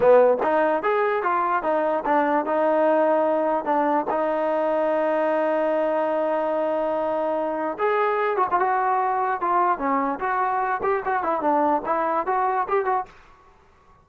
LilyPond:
\new Staff \with { instrumentName = "trombone" } { \time 4/4 \tempo 4 = 147 b4 dis'4 gis'4 f'4 | dis'4 d'4 dis'2~ | dis'4 d'4 dis'2~ | dis'1~ |
dis'2. gis'4~ | gis'8 fis'16 f'16 fis'2 f'4 | cis'4 fis'4. g'8 fis'8 e'8 | d'4 e'4 fis'4 g'8 fis'8 | }